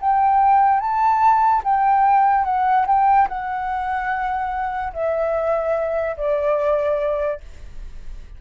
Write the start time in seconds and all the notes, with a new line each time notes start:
0.00 G5
0.80 A5
1.64 G5
2.44 F#5
2.87 G5
3.28 F#5
4.93 E5
6.17 D5